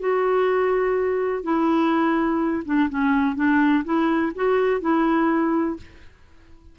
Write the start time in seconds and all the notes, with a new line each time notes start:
0.00 F#4
1.44 E4
2.66 D4
2.90 C#4
3.36 D4
3.85 E4
4.35 F#4
4.81 E4